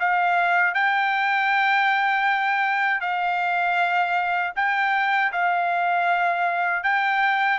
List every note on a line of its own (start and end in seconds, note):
0.00 0.75 F5
0.75 3.01 G5
3.01 4.53 F5
4.56 5.32 G5
5.32 6.84 F5
6.84 7.59 G5